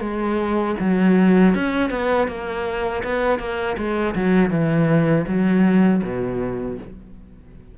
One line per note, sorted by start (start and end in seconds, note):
0.00 0.75 G#3
0.79 1.54 F#3
1.54 1.90 C#4
1.90 2.27 B3
2.27 3.02 A#3
3.03 3.39 B3
3.39 3.76 A#3
3.77 4.15 G#3
4.15 4.50 F#3
4.50 5.25 E3
5.27 6.02 F#3
6.03 6.78 B2